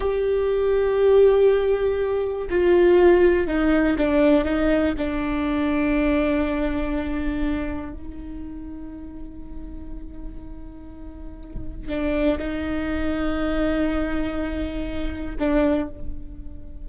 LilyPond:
\new Staff \with { instrumentName = "viola" } { \time 4/4 \tempo 4 = 121 g'1~ | g'4 f'2 dis'4 | d'4 dis'4 d'2~ | d'1 |
dis'1~ | dis'1 | d'4 dis'2.~ | dis'2. d'4 | }